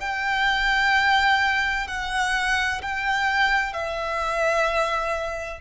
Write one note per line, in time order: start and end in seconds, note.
0.00 1.87 G5
1.87 2.81 F#5
2.82 3.73 G5
3.73 5.61 E5